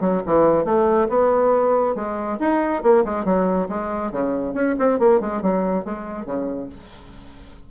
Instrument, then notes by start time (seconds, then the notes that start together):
bassoon
0.00 F#3
0.26 E3
0.64 A3
1.09 B3
1.95 G#3
2.39 D#4
2.83 A#3
3.04 G#3
3.24 F#3
3.69 G#3
4.11 C#3
4.54 C#4
4.79 C4
4.99 A#3
5.20 G#3
5.42 F#3
5.85 G#3
6.25 C#3